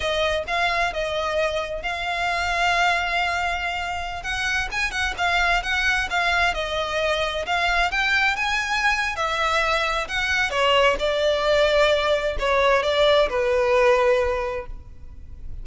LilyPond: \new Staff \with { instrumentName = "violin" } { \time 4/4 \tempo 4 = 131 dis''4 f''4 dis''2 | f''1~ | f''4~ f''16 fis''4 gis''8 fis''8 f''8.~ | f''16 fis''4 f''4 dis''4.~ dis''16~ |
dis''16 f''4 g''4 gis''4.~ gis''16 | e''2 fis''4 cis''4 | d''2. cis''4 | d''4 b'2. | }